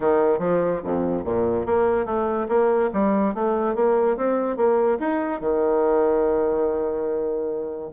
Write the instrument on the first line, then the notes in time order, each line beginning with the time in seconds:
bassoon
0.00 D#3
0.39 F3
0.84 F2
1.24 A#2
1.66 A#3
2.05 A3
2.48 A#3
2.93 G3
3.34 A3
3.75 A#3
4.16 C4
4.56 A#3
4.99 D#4
5.40 D#3